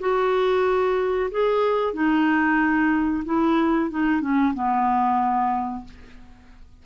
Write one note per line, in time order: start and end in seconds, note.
0.00 1.30 F#4
1.31 1.94 G#4
1.94 3.24 D#4
3.25 3.90 E4
3.91 4.21 D#4
4.21 4.54 C#4
4.54 5.85 B3